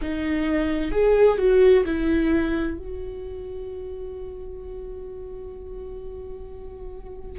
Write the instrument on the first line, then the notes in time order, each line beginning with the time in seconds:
viola
0.01 D#4
0.91 G#4
1.38 F#4
1.85 E4
2.78 F#4